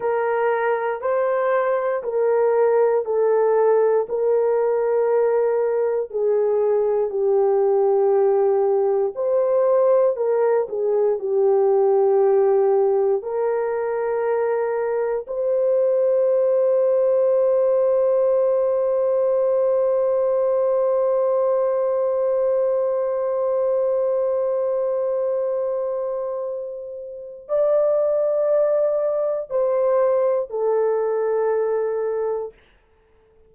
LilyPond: \new Staff \with { instrumentName = "horn" } { \time 4/4 \tempo 4 = 59 ais'4 c''4 ais'4 a'4 | ais'2 gis'4 g'4~ | g'4 c''4 ais'8 gis'8 g'4~ | g'4 ais'2 c''4~ |
c''1~ | c''1~ | c''2. d''4~ | d''4 c''4 a'2 | }